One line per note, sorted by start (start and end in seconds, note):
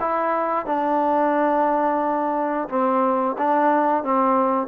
0.00 0.66 E4
0.66 2.68 D4
2.69 3.36 C4
3.38 4.04 D4
4.04 4.67 C4